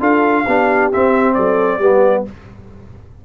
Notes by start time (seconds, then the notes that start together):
0.00 D4 F4 A4 F5
0.46 B3 D4 G4
0.93 C4 E5
1.34 F#3 A4 D5
1.79 G3 B3 G4